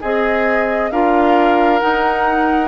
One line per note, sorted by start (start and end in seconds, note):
0.00 0.91 C4
0.00 0.90 G#4
0.00 0.92 G#4
0.00 0.90 D#5
0.91 1.80 D4
0.91 1.80 F4
0.91 2.67 A#4
0.91 1.79 F5
1.79 2.67 D#4
1.79 2.67 F#5